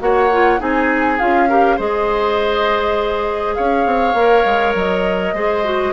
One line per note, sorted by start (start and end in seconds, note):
0.00 0.60 A#3
0.00 0.30 F#4
0.00 0.61 C#5
0.00 0.61 F#5
0.32 0.59 F4
0.59 1.20 C4
0.59 1.18 D#4
0.59 1.49 G#4
0.59 1.19 G#5
1.19 1.79 C#4
1.19 1.49 F4
1.19 1.79 F5
1.49 1.78 G4
1.49 1.77 A#4
1.77 3.58 G#3
1.77 4.16 G#4
1.77 3.55 C5
1.77 3.55 D#5
3.55 3.86 C#4
3.55 5.35 C#5
3.55 4.74 F5
3.86 4.14 C4
4.14 4.44 A#3
4.14 5.36 A#4
4.45 4.75 G#3
4.75 5.33 F#3
4.75 5.94 D#5
5.33 5.93 G#3
5.33 5.64 G#4
5.33 5.94 C5
5.64 5.94 F#4